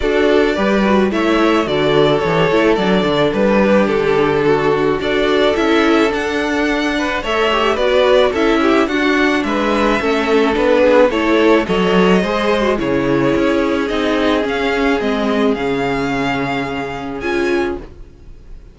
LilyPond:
<<
  \new Staff \with { instrumentName = "violin" } { \time 4/4 \tempo 4 = 108 d''2 e''4 d''4 | cis''4 d''4 b'4 a'4~ | a'4 d''4 e''4 fis''4~ | fis''4 e''4 d''4 e''4 |
fis''4 e''2 b'4 | cis''4 dis''2 cis''4~ | cis''4 dis''4 f''4 dis''4 | f''2. gis''4 | }
  \new Staff \with { instrumentName = "violin" } { \time 4/4 a'4 b'4 cis''4 a'4~ | a'2~ a'8 g'4. | fis'4 a'2.~ | a'8 b'8 cis''4 b'4 a'8 g'8 |
fis'4 b'4 a'4. gis'8 | a'4 cis''4 c''4 gis'4~ | gis'1~ | gis'1 | }
  \new Staff \with { instrumentName = "viola" } { \time 4/4 fis'4 g'8 fis'8 e'4 fis'4 | g'8 e'8 d'2.~ | d'4 fis'4 e'4 d'4~ | d'4 a'8 g'8 fis'4 e'4 |
d'2 cis'4 d'4 | e'4 a'4 gis'8. fis'16 e'4~ | e'4 dis'4 cis'4 c'4 | cis'2. f'4 | }
  \new Staff \with { instrumentName = "cello" } { \time 4/4 d'4 g4 a4 d4 | e8 a8 fis8 d8 g4 d4~ | d4 d'4 cis'4 d'4~ | d'4 a4 b4 cis'4 |
d'4 gis4 a4 b4 | a4 fis4 gis4 cis4 | cis'4 c'4 cis'4 gis4 | cis2. cis'4 | }
>>